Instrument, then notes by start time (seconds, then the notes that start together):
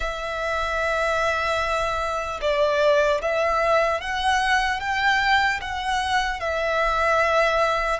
violin
0.00 E5
2.41 D5
3.21 E5
4.00 F#5
4.80 G5
5.61 F#5
6.40 E5